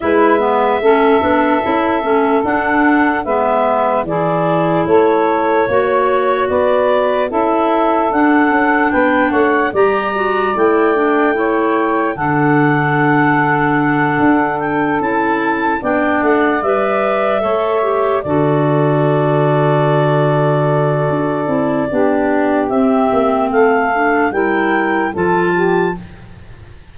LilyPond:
<<
  \new Staff \with { instrumentName = "clarinet" } { \time 4/4 \tempo 4 = 74 e''2. fis''4 | e''4 d''4 cis''2 | d''4 e''4 fis''4 g''8 fis''8 | ais''4 g''2 fis''4~ |
fis''2 g''8 a''4 g''8 | fis''8 e''2 d''4.~ | d''1 | e''4 f''4 g''4 a''4 | }
  \new Staff \with { instrumentName = "saxophone" } { \time 4/4 b'4 a'2. | b'4 gis'4 a'4 cis''4 | b'4 a'2 b'8 cis''8 | d''2 cis''4 a'4~ |
a'2.~ a'8 d''8~ | d''4. cis''4 a'4.~ | a'2. g'4~ | g'4 a'4 ais'4 a'8 g'8 | }
  \new Staff \with { instrumentName = "clarinet" } { \time 4/4 e'8 b8 cis'8 d'8 e'8 cis'8 d'4 | b4 e'2 fis'4~ | fis'4 e'4 d'2 | g'8 fis'8 e'8 d'8 e'4 d'4~ |
d'2~ d'8 e'4 d'8~ | d'8 b'4 a'8 g'8 fis'4.~ | fis'2~ fis'8 e'8 d'4 | c'4. d'8 e'4 f'4 | }
  \new Staff \with { instrumentName = "tuba" } { \time 4/4 gis4 a8 b8 cis'8 a8 d'4 | gis4 e4 a4 ais4 | b4 cis'4 d'8 cis'8 b8 a8 | g4 a2 d4~ |
d4. d'4 cis'4 b8 | a8 g4 a4 d4.~ | d2 d'8 c'8 b4 | c'8 ais8 a4 g4 f4 | }
>>